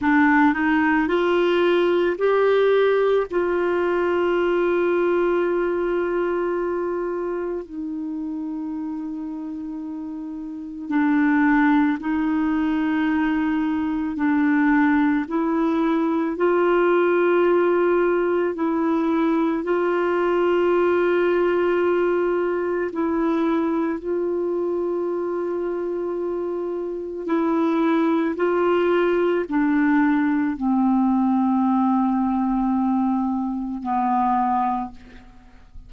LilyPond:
\new Staff \with { instrumentName = "clarinet" } { \time 4/4 \tempo 4 = 55 d'8 dis'8 f'4 g'4 f'4~ | f'2. dis'4~ | dis'2 d'4 dis'4~ | dis'4 d'4 e'4 f'4~ |
f'4 e'4 f'2~ | f'4 e'4 f'2~ | f'4 e'4 f'4 d'4 | c'2. b4 | }